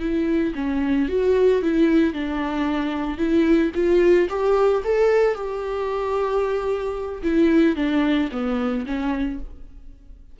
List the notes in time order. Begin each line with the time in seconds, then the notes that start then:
0.00 E4
0.56 C#4
1.09 F#4
1.62 E4
2.14 D4
3.18 E4
3.75 F4
4.30 G4
4.84 A4
5.35 G4
7.23 E4
7.76 D4
8.32 B3
8.86 C#4